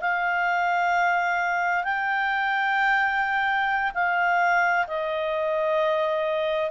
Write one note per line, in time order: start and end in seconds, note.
0.00 1.83 F5
1.83 3.91 G5
3.94 4.86 F5
4.87 6.70 D#5